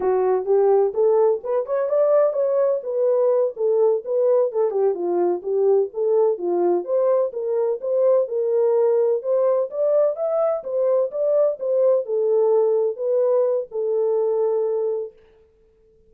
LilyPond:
\new Staff \with { instrumentName = "horn" } { \time 4/4 \tempo 4 = 127 fis'4 g'4 a'4 b'8 cis''8 | d''4 cis''4 b'4. a'8~ | a'8 b'4 a'8 g'8 f'4 g'8~ | g'8 a'4 f'4 c''4 ais'8~ |
ais'8 c''4 ais'2 c''8~ | c''8 d''4 e''4 c''4 d''8~ | d''8 c''4 a'2 b'8~ | b'4 a'2. | }